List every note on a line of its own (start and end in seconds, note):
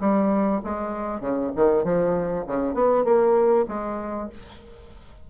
0.00 0.61 G3
0.64 1.21 G#3
1.21 1.51 C#3
1.56 1.84 D#3
1.84 2.45 F3
2.47 2.74 C#3
2.74 3.04 B3
3.04 3.66 A#3
3.68 4.29 G#3